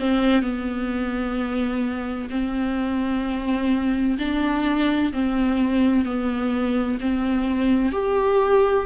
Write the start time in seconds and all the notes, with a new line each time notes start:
0.00 C4
0.42 B3
2.30 C4
4.19 D4
5.13 C4
6.05 B3
7.00 C4
7.93 G4